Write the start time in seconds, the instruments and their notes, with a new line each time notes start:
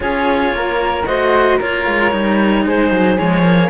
0.00 cello C#4 F4, flute G#4, clarinet C#5
0.52 cello A#3, flute A#4
1.06 cello A3 F#4, flute C5, clarinet D#5
1.57 cello A#3 F4, flute A#4, clarinet C#5
1.86 cello G#3
2.11 cello G3 D#4
2.65 cello G#3, flute G#4, clarinet C5
2.90 cello F#3
3.17 cello F3 G#3, clarinet C#5
3.42 cello A#3